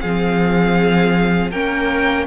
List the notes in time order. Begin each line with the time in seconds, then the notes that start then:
0.00 F3 C4 G#4 F5
1.51 A#3 C#4 A#4 G5